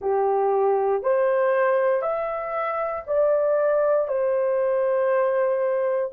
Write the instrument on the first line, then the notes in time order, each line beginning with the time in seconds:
horn
0.01 G4
1.03 C5
2.02 E5
3.06 D5
4.07 C5